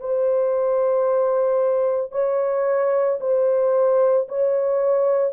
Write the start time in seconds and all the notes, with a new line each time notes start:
0.00 C5
2.11 C#5
3.20 C5
4.28 C#5